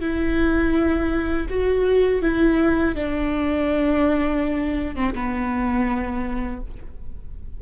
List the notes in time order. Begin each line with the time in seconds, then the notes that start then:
0.00 E4
1.49 F#4
2.22 E4
2.95 D4
4.95 C4
5.14 B3